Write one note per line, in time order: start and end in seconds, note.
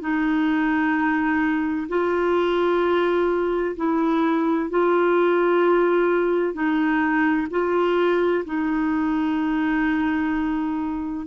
0.00 1.87 D#4
1.88 3.76 F4
3.76 4.70 E4
4.70 6.53 F4
6.53 7.47 D#4
7.50 8.44 F4
8.45 11.26 D#4